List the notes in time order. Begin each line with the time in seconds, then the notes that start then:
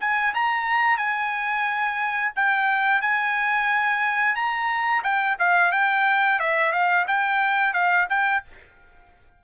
0.00 G#5
0.34 A#5
0.97 G#5
2.36 G5
3.01 G#5
4.35 A#5
5.03 G5
5.39 F5
5.72 G5
6.40 E5
6.72 F5
7.07 G5
7.73 F5
8.09 G5